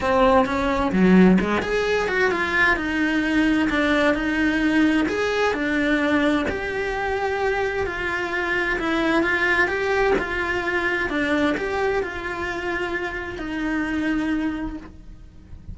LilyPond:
\new Staff \with { instrumentName = "cello" } { \time 4/4 \tempo 4 = 130 c'4 cis'4 fis4 gis8 gis'8~ | gis'8 fis'8 f'4 dis'2 | d'4 dis'2 gis'4 | d'2 g'2~ |
g'4 f'2 e'4 | f'4 g'4 f'2 | d'4 g'4 f'2~ | f'4 dis'2. | }